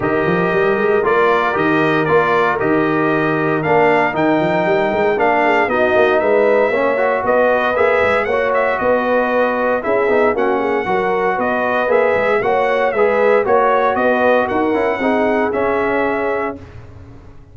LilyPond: <<
  \new Staff \with { instrumentName = "trumpet" } { \time 4/4 \tempo 4 = 116 dis''2 d''4 dis''4 | d''4 dis''2 f''4 | g''2 f''4 dis''4 | e''2 dis''4 e''4 |
fis''8 e''8 dis''2 e''4 | fis''2 dis''4 e''4 | fis''4 e''4 cis''4 dis''4 | fis''2 e''2 | }
  \new Staff \with { instrumentName = "horn" } { \time 4/4 ais'1~ | ais'1~ | ais'2~ ais'8 gis'8 fis'4 | b'4 cis''4 b'2 |
cis''4 b'2 gis'4 | fis'8 gis'8 ais'4 b'2 | cis''4 b'4 cis''4 b'4 | ais'4 gis'2. | }
  \new Staff \with { instrumentName = "trombone" } { \time 4/4 g'2 f'4 g'4 | f'4 g'2 d'4 | dis'2 d'4 dis'4~ | dis'4 cis'8 fis'4. gis'4 |
fis'2. e'8 dis'8 | cis'4 fis'2 gis'4 | fis'4 gis'4 fis'2~ | fis'8 e'8 dis'4 cis'2 | }
  \new Staff \with { instrumentName = "tuba" } { \time 4/4 dis8 f8 g8 gis8 ais4 dis4 | ais4 dis2 ais4 | dis8 f8 g8 gis8 ais4 b8 ais8 | gis4 ais4 b4 ais8 gis8 |
ais4 b2 cis'8 b8 | ais4 fis4 b4 ais8 gis8 | ais4 gis4 ais4 b4 | dis'8 cis'8 c'4 cis'2 | }
>>